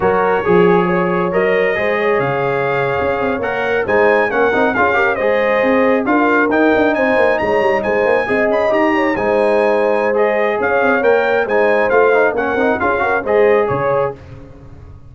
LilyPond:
<<
  \new Staff \with { instrumentName = "trumpet" } { \time 4/4 \tempo 4 = 136 cis''2. dis''4~ | dis''4 f''2~ f''8. fis''16~ | fis''8. gis''4 fis''4 f''4 dis''16~ | dis''4.~ dis''16 f''4 g''4 gis''16~ |
gis''8. ais''4 gis''4. b''8 ais''16~ | ais''8. gis''2~ gis''16 dis''4 | f''4 g''4 gis''4 f''4 | fis''4 f''4 dis''4 cis''4 | }
  \new Staff \with { instrumentName = "horn" } { \time 4/4 ais'4 gis'4 cis''2 | c''8 cis''2.~ cis''8~ | cis''8. c''4 ais'4 gis'8 ais'8 c''16~ | c''4.~ c''16 ais'2 c''16~ |
c''8. cis''4 c''4 dis''4~ dis''16~ | dis''16 cis''8 c''2.~ c''16 | cis''2 c''2 | ais'4 gis'8 ais'8 c''4 cis''4 | }
  \new Staff \with { instrumentName = "trombone" } { \time 4/4 fis'4 gis'2 ais'4 | gis'2.~ gis'8. ais'16~ | ais'8. dis'4 cis'8 dis'8 f'8 g'8 gis'16~ | gis'4.~ gis'16 f'4 dis'4~ dis'16~ |
dis'2~ dis'8. gis'4 g'16~ | g'8. dis'2~ dis'16 gis'4~ | gis'4 ais'4 dis'4 f'8 dis'8 | cis'8 dis'8 f'8 fis'8 gis'2 | }
  \new Staff \with { instrumentName = "tuba" } { \time 4/4 fis4 f2 fis4 | gis4 cis4.~ cis16 cis'8 c'8 ais16~ | ais8. gis4 ais8 c'8 cis'4 gis16~ | gis8. c'4 d'4 dis'8 d'8 c'16~ |
c'16 ais8 gis8 g8 gis8 ais8 c'8 cis'8 dis'16~ | dis'8. gis2.~ gis16 | cis'8 c'8 ais4 gis4 a4 | ais8 c'8 cis'4 gis4 cis4 | }
>>